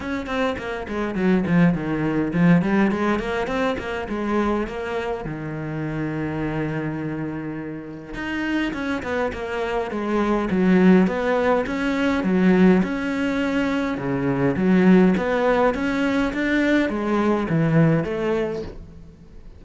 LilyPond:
\new Staff \with { instrumentName = "cello" } { \time 4/4 \tempo 4 = 103 cis'8 c'8 ais8 gis8 fis8 f8 dis4 | f8 g8 gis8 ais8 c'8 ais8 gis4 | ais4 dis2.~ | dis2 dis'4 cis'8 b8 |
ais4 gis4 fis4 b4 | cis'4 fis4 cis'2 | cis4 fis4 b4 cis'4 | d'4 gis4 e4 a4 | }